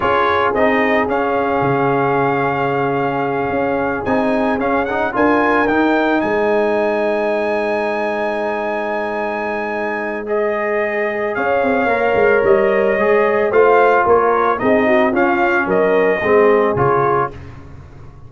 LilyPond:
<<
  \new Staff \with { instrumentName = "trumpet" } { \time 4/4 \tempo 4 = 111 cis''4 dis''4 f''2~ | f''2.~ f''8 gis''8~ | gis''8 f''8 fis''8 gis''4 g''4 gis''8~ | gis''1~ |
gis''2. dis''4~ | dis''4 f''2 dis''4~ | dis''4 f''4 cis''4 dis''4 | f''4 dis''2 cis''4 | }
  \new Staff \with { instrumentName = "horn" } { \time 4/4 gis'1~ | gis'1~ | gis'4. ais'2 c''8~ | c''1~ |
c''1~ | c''4 cis''2.~ | cis''4 c''4 ais'4 gis'8 fis'8 | f'4 ais'4 gis'2 | }
  \new Staff \with { instrumentName = "trombone" } { \time 4/4 f'4 dis'4 cis'2~ | cis'2.~ cis'8 dis'8~ | dis'8 cis'8 dis'8 f'4 dis'4.~ | dis'1~ |
dis'2. gis'4~ | gis'2 ais'2 | gis'4 f'2 dis'4 | cis'2 c'4 f'4 | }
  \new Staff \with { instrumentName = "tuba" } { \time 4/4 cis'4 c'4 cis'4 cis4~ | cis2~ cis8 cis'4 c'8~ | c'8 cis'4 d'4 dis'4 gis8~ | gis1~ |
gis1~ | gis4 cis'8 c'8 ais8 gis8 g4 | gis4 a4 ais4 c'4 | cis'4 fis4 gis4 cis4 | }
>>